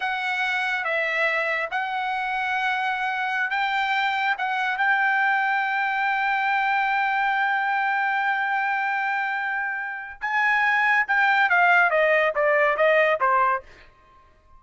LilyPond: \new Staff \with { instrumentName = "trumpet" } { \time 4/4 \tempo 4 = 141 fis''2 e''2 | fis''1~ | fis''16 g''2 fis''4 g''8.~ | g''1~ |
g''1~ | g''1 | gis''2 g''4 f''4 | dis''4 d''4 dis''4 c''4 | }